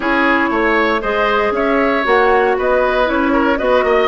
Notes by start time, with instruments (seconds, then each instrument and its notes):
0.00 bassoon C#4, clarinet E4, oboe G#4, flute C#5
0.50 bassoon A3, oboe C#5
1.01 bassoon G#3, clarinet G#4, oboe C5, flute D#5
1.51 bassoon C#4, oboe C#5, flute E5
2.04 bassoon A#3, clarinet F#4, flute F#5
2.57 bassoon B3, oboe B4, flute D#5
3.04 bassoon C#4, clarinet E4, flute C#5
3.32 oboe A#4
3.58 bassoon B3, clarinet F#4, oboe B4, flute D#5
3.83 bassoon A#3, oboe D#5